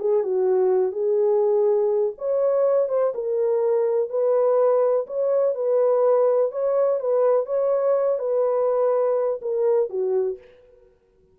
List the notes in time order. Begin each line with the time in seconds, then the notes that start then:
0.00 G#4
0.24 F#4
0.92 G#4
2.18 C#5
2.89 C5
3.15 A#4
4.10 B4
5.07 C#5
5.55 B4
6.52 C#5
7.01 B4
7.46 C#5
8.19 B4
9.42 A#4
9.90 F#4